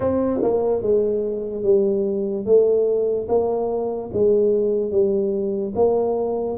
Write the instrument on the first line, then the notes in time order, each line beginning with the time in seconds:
tuba
0.00 C4
0.42 A#3
0.81 G#3
1.63 G3
2.45 A3
3.28 A#3
4.13 G#3
4.91 G3
5.75 A#3